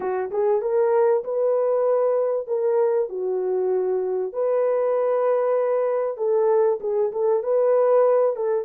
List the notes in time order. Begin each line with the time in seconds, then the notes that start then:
0.00 F#4
0.31 G#4
0.61 A#4
1.24 B4
2.47 A#4
3.09 F#4
4.32 B4
6.17 A4
6.80 G#4
7.12 A4
7.43 B4
8.36 A4